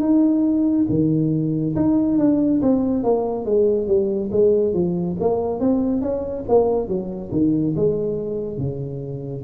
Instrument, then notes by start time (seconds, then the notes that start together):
tuba
0.00 D#4
0.89 D#3
1.75 D#4
2.18 D4
2.62 C4
3.03 A#3
3.45 G#3
3.87 G3
4.31 G#3
4.73 F3
5.20 A#3
5.59 C4
6.01 C#4
6.48 A#3
6.88 F#3
7.31 D#3
7.76 G#3
8.58 C#3